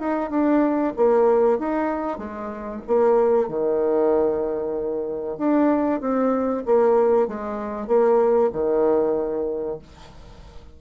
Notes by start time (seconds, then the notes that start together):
0.00 D#4
0.30 D4
0.97 A#3
1.59 D#4
2.18 G#3
2.88 A#3
3.49 D#3
5.38 D4
6.01 C4
6.66 A#3
7.28 G#3
7.87 A#3
8.53 D#3